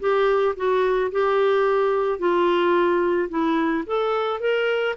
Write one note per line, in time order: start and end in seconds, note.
0.00 0.55 G4
0.56 1.11 F#4
1.11 2.19 G4
2.19 3.29 F4
3.29 3.84 E4
3.86 4.40 A4
4.40 4.95 A#4